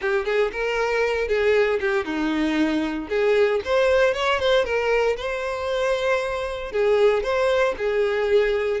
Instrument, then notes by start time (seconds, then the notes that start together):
violin
0.01 G4
0.25 G#4
0.52 A#4
1.28 G#4
1.80 G4
2.05 D#4
3.09 G#4
3.65 C5
4.14 C#5
4.39 C5
4.64 A#4
5.17 C5
6.71 G#4
7.23 C5
7.77 G#4